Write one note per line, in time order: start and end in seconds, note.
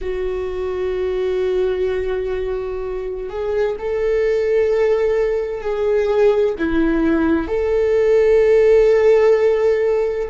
0.01 3.29 F#4
3.29 3.76 G#4
3.78 5.61 A4
5.61 6.55 G#4
6.58 7.47 E4
7.47 10.29 A4